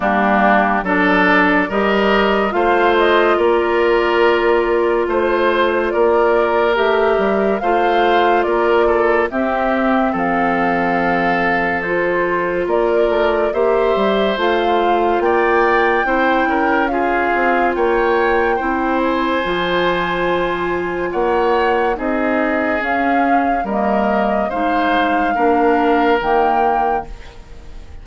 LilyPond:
<<
  \new Staff \with { instrumentName = "flute" } { \time 4/4 \tempo 4 = 71 g'4 d''4 dis''4 f''8 dis''8 | d''2 c''4 d''4 | e''4 f''4 d''4 e''4 | f''2 c''4 d''4 |
e''4 f''4 g''2 | f''4 g''4. gis''4.~ | gis''4 fis''4 dis''4 f''4 | dis''4 f''2 g''4 | }
  \new Staff \with { instrumentName = "oboe" } { \time 4/4 d'4 a'4 ais'4 c''4 | ais'2 c''4 ais'4~ | ais'4 c''4 ais'8 a'8 g'4 | a'2. ais'4 |
c''2 d''4 c''8 ais'8 | gis'4 cis''4 c''2~ | c''4 cis''4 gis'2 | ais'4 c''4 ais'2 | }
  \new Staff \with { instrumentName = "clarinet" } { \time 4/4 ais4 d'4 g'4 f'4~ | f'1 | g'4 f'2 c'4~ | c'2 f'2 |
g'4 f'2 e'4 | f'2 e'4 f'4~ | f'2 dis'4 cis'4 | ais4 dis'4 d'4 ais4 | }
  \new Staff \with { instrumentName = "bassoon" } { \time 4/4 g4 fis4 g4 a4 | ais2 a4 ais4 | a8 g8 a4 ais4 c'4 | f2. ais8 a8 |
ais8 g8 a4 ais4 c'8 cis'8~ | cis'8 c'8 ais4 c'4 f4~ | f4 ais4 c'4 cis'4 | g4 gis4 ais4 dis4 | }
>>